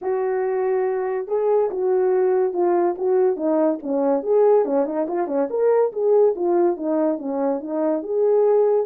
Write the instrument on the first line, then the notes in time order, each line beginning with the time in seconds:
horn
0.01 F#4
1.27 G#4
1.70 F#4
2.53 F4
2.98 F#4
3.36 D#4
3.82 C#4
4.23 G#4
4.65 C#4
4.85 D#4
5.08 F4
5.27 C#4
5.49 A#4
5.92 G#4
6.35 F4
6.76 D#4
7.18 C#4
7.60 D#4
8.03 G#4